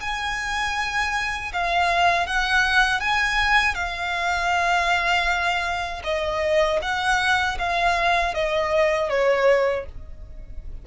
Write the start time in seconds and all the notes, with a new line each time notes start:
0.00 G#5
1.53 F5
2.26 F#5
3.00 G#5
3.74 F5
6.04 D#5
6.81 F#5
7.58 F5
8.34 D#5
9.09 C#5